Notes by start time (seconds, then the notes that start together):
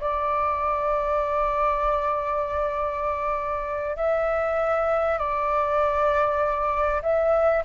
0.00 D5
3.96 E5
5.18 D5
7.02 E5